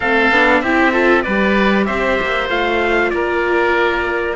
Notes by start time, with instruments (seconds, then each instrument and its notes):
0.00 cello A3, viola C4, oboe A4, trumpet F5
0.30 cello B3, viola D4
0.61 cello C4, viola E4, oboe G4, trumpet E5
0.91 viola F4, oboe A4
1.22 cello G3, viola G4, oboe B4, trumpet D5
1.85 cello C4, oboe C5, trumpet E5
2.21 cello A#3
2.48 cello A3, viola F4, trumpet F5
3.10 cello A#3, oboe A#4, trumpet D5